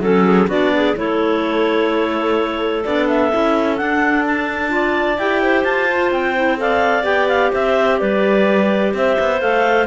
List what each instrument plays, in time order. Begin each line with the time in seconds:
0.00 cello F#3, clarinet C#4 A4
0.26 clarinet G#4
0.47 cello B3, clarinet D4 F#4 D5
0.74 clarinet G#4
0.95 cello A3, clarinet E4 A4 C#5
2.84 cello B3, clarinet D4 D5
3.08 clarinet E5
3.31 cello C#4, clarinet E4
3.76 clarinet D4 F#5, cello D4
4.26 clarinet A5
4.68 clarinet F4 D5
5.17 cello E4, clarinet G4 G5
5.42 clarinet C5
5.64 cello F4, clarinet A5
5.89 clarinet F4
6.11 cello C4, clarinet G5
6.35 clarinet E4
6.57 clarinet A4 D5 F5
7.03 cello B3, clarinet G4 G5
7.28 clarinet F5
7.51 cello C4, clarinet C5 E5
7.98 cello G3, clarinet B4 D5
8.93 cello C4, clarinet C5 E5
9.19 cello B3
9.40 cello A3, clarinet A4 F5